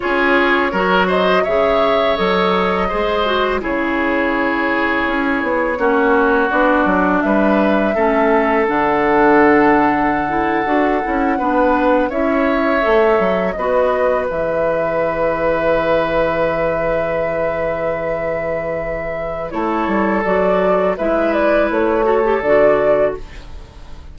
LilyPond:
<<
  \new Staff \with { instrumentName = "flute" } { \time 4/4 \tempo 4 = 83 cis''4. dis''8 e''4 dis''4~ | dis''4 cis''2.~ | cis''4 d''4 e''2 | fis''1~ |
fis''8. e''2 dis''4 e''16~ | e''1~ | e''2. cis''4 | d''4 e''8 d''8 cis''4 d''4 | }
  \new Staff \with { instrumentName = "oboe" } { \time 4/4 gis'4 ais'8 c''8 cis''2 | c''4 gis'2. | fis'2 b'4 a'4~ | a'2.~ a'8. b'16~ |
b'8. cis''2 b'4~ b'16~ | b'1~ | b'2. a'4~ | a'4 b'4. a'4. | }
  \new Staff \with { instrumentName = "clarinet" } { \time 4/4 f'4 fis'4 gis'4 a'4 | gis'8 fis'8 e'2. | cis'4 d'2 cis'4 | d'2~ d'16 e'8 fis'8 e'8 d'16~ |
d'8. e'4 a'4 fis'4 gis'16~ | gis'1~ | gis'2. e'4 | fis'4 e'4. fis'16 g'16 fis'4 | }
  \new Staff \with { instrumentName = "bassoon" } { \time 4/4 cis'4 fis4 cis4 fis4 | gis4 cis2 cis'8 b8 | ais4 b8 fis8 g4 a4 | d2~ d8. d'8 cis'8 b16~ |
b8. cis'4 a8 fis8 b4 e16~ | e1~ | e2. a8 g8 | fis4 gis4 a4 d4 | }
>>